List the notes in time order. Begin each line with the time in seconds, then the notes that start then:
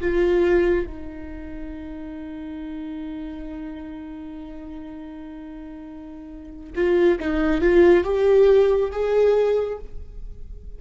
0.00 F4
0.86 D#4
6.75 F4
7.19 D#4
7.61 F4
8.04 G4
8.91 G#4